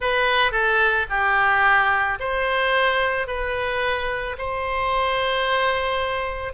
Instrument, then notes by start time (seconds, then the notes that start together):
oboe
0.00 B4
0.51 A4
1.09 G4
2.19 C5
3.27 B4
4.38 C5